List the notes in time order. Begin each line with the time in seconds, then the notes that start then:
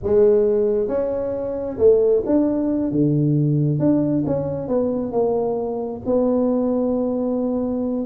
0.03 G#3
0.88 C#4
1.77 A3
2.26 D4
2.91 D3
3.79 D4
4.26 C#4
4.68 B3
5.12 A#3
6.05 B3